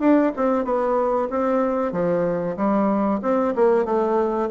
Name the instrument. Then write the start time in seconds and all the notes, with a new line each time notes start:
bassoon
0.00 D4
0.36 C4
0.65 B3
1.31 C4
1.92 F3
2.57 G3
3.22 C4
3.55 A#3
3.85 A3